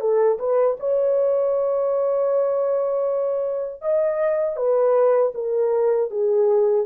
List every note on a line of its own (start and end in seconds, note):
0.00 0.38 A4
0.39 0.77 B4
0.79 3.81 C#5
3.81 4.56 D#5
4.56 5.32 B4
5.34 6.10 A#4
6.10 6.86 G#4